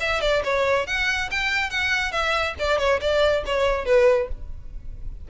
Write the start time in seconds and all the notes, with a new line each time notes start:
0.00 E5
0.21 D5
0.44 C#5
0.87 F#5
1.31 G5
1.70 F#5
2.12 E5
2.59 D5
2.79 C#5
3.01 D5
3.46 C#5
3.85 B4